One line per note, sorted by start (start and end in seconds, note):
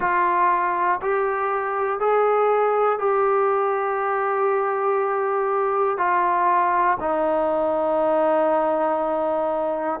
0.00 1.00 F4
1.01 2.00 G4
2.00 2.99 G#4
2.99 5.97 G4
5.97 6.97 F4
7.00 10.00 D#4